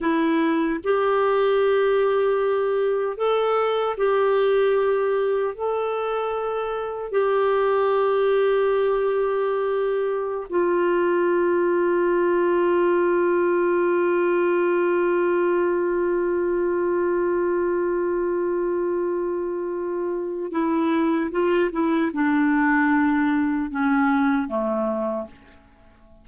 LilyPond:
\new Staff \with { instrumentName = "clarinet" } { \time 4/4 \tempo 4 = 76 e'4 g'2. | a'4 g'2 a'4~ | a'4 g'2.~ | g'4~ g'16 f'2~ f'8.~ |
f'1~ | f'1~ | f'2 e'4 f'8 e'8 | d'2 cis'4 a4 | }